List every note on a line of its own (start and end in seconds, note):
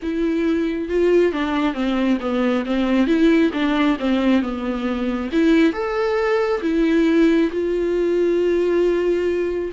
0.02 0.88 E4
0.88 1.32 F4
1.32 1.73 D4
1.73 2.18 C4
2.20 2.64 B3
2.65 3.06 C4
3.06 3.51 E4
3.53 3.97 D4
3.99 4.41 C4
4.41 5.30 B3
5.32 5.73 E4
5.73 6.61 A4
6.62 7.50 E4
7.51 9.72 F4